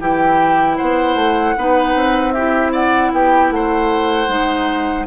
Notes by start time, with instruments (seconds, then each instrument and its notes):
0.00 bassoon E3, clarinet E4, oboe G4, flute G5
0.77 bassoon B3, oboe C5, flute F#5
1.15 bassoon A3
1.58 bassoon B3, clarinet D#4, oboe B4
1.95 bassoon C4
2.32 clarinet E4, oboe G4, flute E5
2.72 oboe D5, flute F#5
3.12 bassoon B3, oboe G4, flute G5
3.51 bassoon A3, oboe C5, flute F#5
4.28 bassoon G#3, clarinet D#4